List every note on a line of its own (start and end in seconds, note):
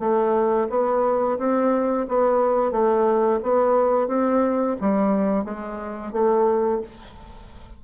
0.00 0.68 A3
0.70 1.39 B3
1.39 2.07 C4
2.09 2.72 B3
2.72 3.40 A3
3.43 4.08 B3
4.08 4.76 C4
4.81 5.45 G3
5.45 6.13 G#3
6.13 6.81 A3